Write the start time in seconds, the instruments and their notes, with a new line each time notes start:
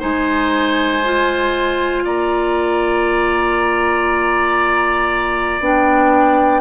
0.00 bassoon G#3, clarinet D#4, oboe C5, flute G#5
1.04 clarinet F4
2.04 bassoon A#3, oboe D5, flute A#5
5.60 bassoon B3, clarinet D4, flute G5